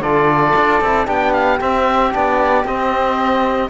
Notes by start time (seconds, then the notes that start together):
0.00 D3 F4 A4 D5
0.56 D4
0.81 C4 E4
1.06 B3 D4 G4 G5
1.33 F5
1.61 C4 E5
2.12 B3 D4 D5
2.64 C4 D#5